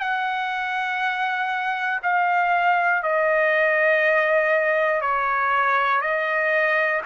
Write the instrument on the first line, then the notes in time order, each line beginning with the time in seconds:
trumpet
0.00 F#5
2.03 F5
3.03 D#5
5.01 C#5
6.01 D#5